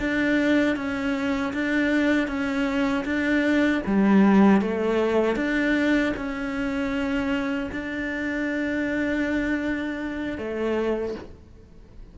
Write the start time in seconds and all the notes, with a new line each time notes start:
0.00 D4
0.76 C#4
1.54 D4
2.28 C#4
3.05 D4
3.87 G3
4.62 A3
5.37 D4
6.17 C#4
7.72 D4
10.38 A3